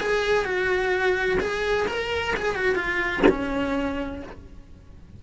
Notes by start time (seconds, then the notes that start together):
0.00 G#4
0.45 F#4
1.40 G#4
1.87 A#4
2.36 G#4
2.55 F#4
2.75 F4
3.29 C#4